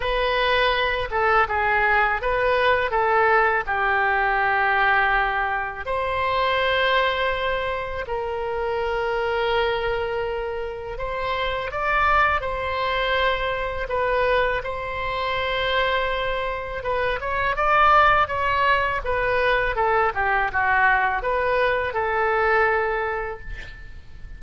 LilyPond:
\new Staff \with { instrumentName = "oboe" } { \time 4/4 \tempo 4 = 82 b'4. a'8 gis'4 b'4 | a'4 g'2. | c''2. ais'4~ | ais'2. c''4 |
d''4 c''2 b'4 | c''2. b'8 cis''8 | d''4 cis''4 b'4 a'8 g'8 | fis'4 b'4 a'2 | }